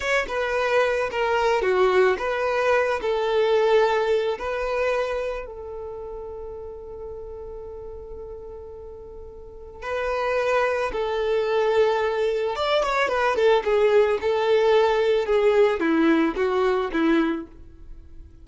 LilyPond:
\new Staff \with { instrumentName = "violin" } { \time 4/4 \tempo 4 = 110 cis''8 b'4. ais'4 fis'4 | b'4. a'2~ a'8 | b'2 a'2~ | a'1~ |
a'2 b'2 | a'2. d''8 cis''8 | b'8 a'8 gis'4 a'2 | gis'4 e'4 fis'4 e'4 | }